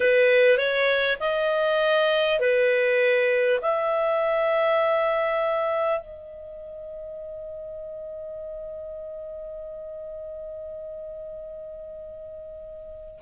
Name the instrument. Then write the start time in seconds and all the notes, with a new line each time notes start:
clarinet
0.00 B4
0.57 C#5
1.19 D#5
2.39 B4
3.61 E5
5.99 D#5